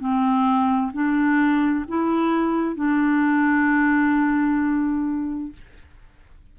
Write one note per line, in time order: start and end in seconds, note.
0.00 0.92 C4
0.93 1.85 D4
1.88 2.76 E4
2.76 5.53 D4